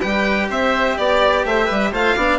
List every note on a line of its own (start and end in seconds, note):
0.00 0.49 G3
0.00 1.93 G4
0.00 0.48 B4
0.00 0.48 G5
0.49 0.97 C4
0.49 0.97 C5
0.49 0.97 E5
0.97 1.44 B3
0.97 1.45 D5
0.97 1.46 D5
1.44 1.68 A3
1.44 1.65 C5
1.44 1.93 E5
1.65 1.92 G3
1.65 1.89 B4
1.92 2.16 A3
1.92 2.16 F4
1.92 2.15 C5
1.92 2.39 F5
2.16 2.39 B3
2.16 2.39 D4
2.16 2.39 D5